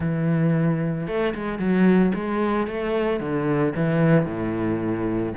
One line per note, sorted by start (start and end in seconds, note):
0.00 1.07 E3
1.07 1.34 A3
1.35 1.59 G#3
1.59 2.12 F#3
2.14 2.67 G#3
2.67 3.20 A3
3.20 3.73 D3
3.75 4.25 E3
4.25 5.33 A2